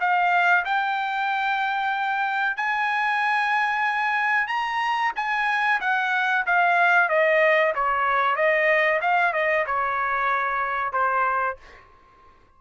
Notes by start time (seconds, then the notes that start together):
0.00 F5
0.65 G5
2.56 G#5
4.47 A#5
5.16 G#5
5.81 F#5
6.46 F5
7.09 D#5
7.75 C#5
8.35 D#5
9.01 F5
9.33 D#5
9.66 C#5
10.92 C5